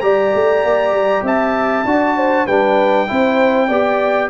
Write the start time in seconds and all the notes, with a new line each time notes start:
0.00 G3 G4 D5 A#5
0.34 A3
0.64 A#3
0.91 G3
1.22 C4 E5 A5
1.85 D4 F#4 D5
2.17 C5
2.46 G3 D4 B4 G5
3.07 C4 E4 C5
3.67 B3 G4 D5